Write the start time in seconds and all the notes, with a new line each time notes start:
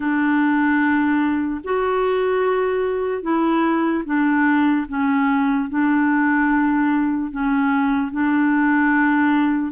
0.00 D4
1.64 F#4
3.22 E4
4.05 D4
4.88 C#4
5.69 D4
7.31 C#4
8.11 D4